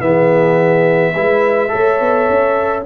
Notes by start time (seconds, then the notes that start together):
0.00 E3 B3 G#4 E5
1.13 G#3 E4 B4
1.68 A3 A4 C#5
2.00 B3
2.29 C#4